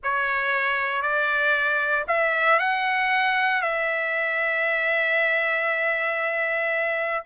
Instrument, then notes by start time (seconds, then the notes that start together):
trumpet
0.03 C#5
1.01 D5
2.07 E5
2.59 F#5
3.62 E5